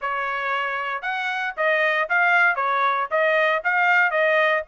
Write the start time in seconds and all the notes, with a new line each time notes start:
0.01 C#5
1.01 F#5
1.57 D#5
2.09 F5
2.55 C#5
3.10 D#5
3.64 F5
4.11 D#5